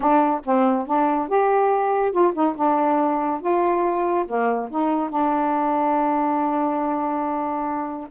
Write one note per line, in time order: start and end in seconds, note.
0.00 0.40 D4
0.45 0.86 C4
0.86 1.28 D4
1.28 2.12 G4
2.12 2.33 F4
2.34 2.55 D#4
2.55 3.40 D4
3.40 4.25 F4
4.27 4.69 A#3
4.70 5.09 D#4
5.09 8.07 D4